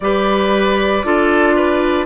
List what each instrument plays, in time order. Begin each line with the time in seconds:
0.00 bassoon G3, clarinet G4, oboe B4, flute D5
1.03 bassoon D4, clarinet F4, oboe A4
1.55 oboe B4